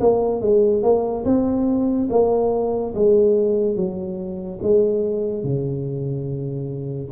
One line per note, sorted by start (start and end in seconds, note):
0.00 0.41 A#3
0.41 0.83 G#3
0.83 1.24 A#3
1.25 2.08 C4
2.10 2.94 A#3
2.94 3.76 G#3
3.76 4.59 F#3
4.62 5.44 G#3
5.44 7.10 C#3